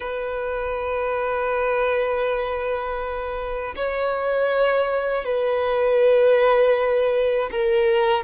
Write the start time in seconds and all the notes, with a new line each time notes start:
0.00 B4
3.75 C#5
5.25 B4
7.51 A#4